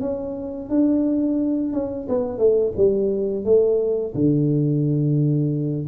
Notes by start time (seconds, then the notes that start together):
0.00 C#4
0.69 D4
1.73 C#4
2.08 B3
2.38 A3
2.76 G3
3.44 A3
4.14 D3